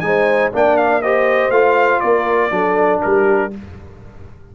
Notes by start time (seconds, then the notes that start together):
0.00 G#3 D#4 G#5
0.06 C5
0.52 A#3 D4 D5 G5
0.77 F5
1.02 G4 C5 D#5
1.50 A3 F4 F5
2.00 A#3 A#4 D5
2.51 F#3 D4 A4
3.02 G3 G4 A#4